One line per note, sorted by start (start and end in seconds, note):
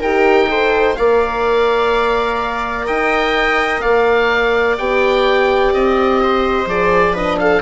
0.00 0.98 D#4
0.00 0.49 G4
0.00 0.48 A#4
0.00 0.96 G5
0.49 0.97 A4
0.49 0.98 C5
0.96 2.89 A#3
0.96 4.79 A#4
0.96 2.87 D5
0.96 2.87 F5
2.87 3.84 D#4
2.87 3.82 D#5
2.87 3.81 G5
3.81 4.78 A#3
3.81 6.20 D5
3.81 4.76 F5
4.78 5.73 B3
4.78 6.68 G4
4.78 5.74 G5
5.73 6.66 C4
5.73 6.69 D#5
6.23 7.14 C5
6.66 7.62 F3
6.66 7.15 G#4
6.66 7.17 D5
7.14 7.62 D4
7.14 7.38 B4
7.14 7.39 D#5
7.39 7.62 A4
7.39 7.62 F5